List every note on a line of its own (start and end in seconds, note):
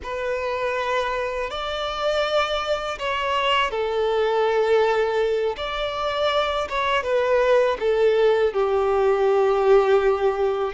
0.03 1.50 B4
1.50 2.98 D5
2.98 3.70 C#5
3.70 5.56 A4
5.56 6.67 D5
6.69 7.03 C#5
7.03 7.77 B4
7.79 8.53 A4
8.53 10.73 G4